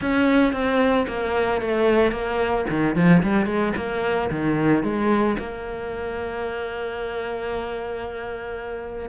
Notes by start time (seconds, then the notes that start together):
0.01 C#4
0.52 C4
1.07 A#3
1.61 A3
2.11 A#3
2.69 D#3
2.95 F3
3.22 G3
3.46 G#3
3.76 A#3
4.30 D#3
4.83 G#3
5.38 A#3